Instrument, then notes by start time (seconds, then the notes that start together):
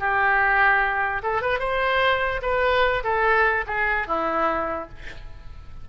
oboe
0.00 G4
1.23 A4
1.42 B4
1.60 C5
2.43 B4
3.04 A4
3.68 G#4
4.08 E4